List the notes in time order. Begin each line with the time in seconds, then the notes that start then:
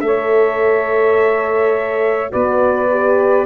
0.00 A3 A4 C#5 E5
2.30 B3 F#4 B4 D5
2.90 G4